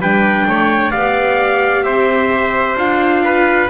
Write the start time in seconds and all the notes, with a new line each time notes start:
0.00 G3 D4 B4 G5
0.47 A3 C#5
0.92 B3 G4 D5 F5
1.84 C4 C5 E5
2.76 D4 F4 F5
3.25 B4